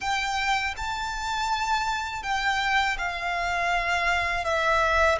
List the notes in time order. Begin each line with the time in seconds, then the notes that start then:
0.00 G5
0.76 A5
2.23 G5
2.98 F5
4.44 E5